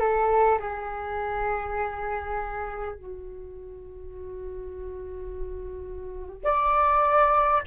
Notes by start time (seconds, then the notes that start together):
0.00 A4
0.59 G#4
2.95 F#4
6.44 D5